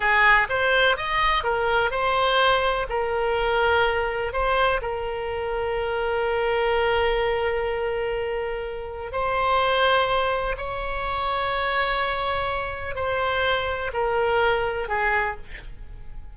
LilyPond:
\new Staff \with { instrumentName = "oboe" } { \time 4/4 \tempo 4 = 125 gis'4 c''4 dis''4 ais'4 | c''2 ais'2~ | ais'4 c''4 ais'2~ | ais'1~ |
ais'2. c''4~ | c''2 cis''2~ | cis''2. c''4~ | c''4 ais'2 gis'4 | }